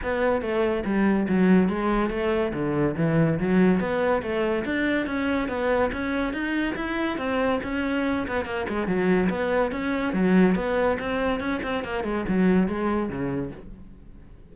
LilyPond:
\new Staff \with { instrumentName = "cello" } { \time 4/4 \tempo 4 = 142 b4 a4 g4 fis4 | gis4 a4 d4 e4 | fis4 b4 a4 d'4 | cis'4 b4 cis'4 dis'4 |
e'4 c'4 cis'4. b8 | ais8 gis8 fis4 b4 cis'4 | fis4 b4 c'4 cis'8 c'8 | ais8 gis8 fis4 gis4 cis4 | }